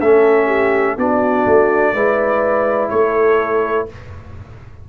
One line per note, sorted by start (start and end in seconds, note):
0.00 0.98 A3
0.00 0.99 C#4
0.00 0.46 A4
0.00 0.98 E5
0.46 0.95 G4
0.98 1.46 B3
0.98 1.95 D4
0.98 1.94 F#4
0.98 2.90 D5
1.46 1.94 A3
1.94 2.91 G#3
1.94 3.89 E4
1.94 2.90 B4
2.90 3.89 A3
2.90 3.89 A4
2.90 3.86 C#5